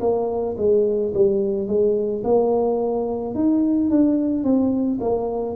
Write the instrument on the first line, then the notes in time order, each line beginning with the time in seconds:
tuba
0.00 A#3
0.57 G#3
1.14 G3
1.67 G#3
2.24 A#3
3.34 D#4
3.90 D4
4.43 C4
5.01 A#3